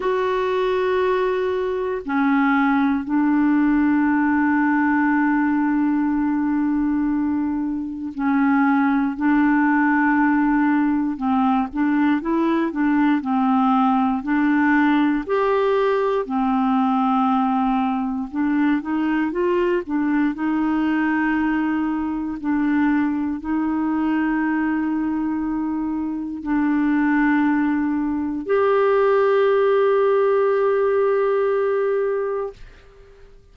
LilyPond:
\new Staff \with { instrumentName = "clarinet" } { \time 4/4 \tempo 4 = 59 fis'2 cis'4 d'4~ | d'1 | cis'4 d'2 c'8 d'8 | e'8 d'8 c'4 d'4 g'4 |
c'2 d'8 dis'8 f'8 d'8 | dis'2 d'4 dis'4~ | dis'2 d'2 | g'1 | }